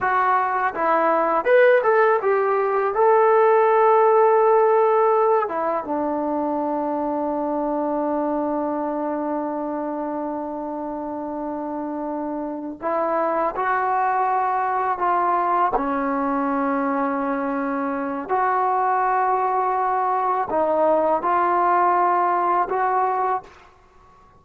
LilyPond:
\new Staff \with { instrumentName = "trombone" } { \time 4/4 \tempo 4 = 82 fis'4 e'4 b'8 a'8 g'4 | a'2.~ a'8 e'8 | d'1~ | d'1~ |
d'4. e'4 fis'4.~ | fis'8 f'4 cis'2~ cis'8~ | cis'4 fis'2. | dis'4 f'2 fis'4 | }